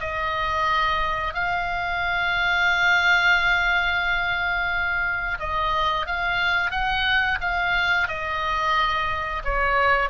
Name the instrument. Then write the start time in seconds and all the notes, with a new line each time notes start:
oboe
0.00 D#5
1.34 F5
5.39 D#5
6.06 F5
6.71 F#5
7.41 F5
8.08 D#5
9.44 C#5